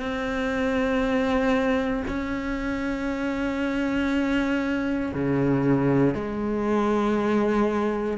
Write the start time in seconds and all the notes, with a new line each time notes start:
0.00 C4
2.08 C#4
5.14 C#3
6.14 G#3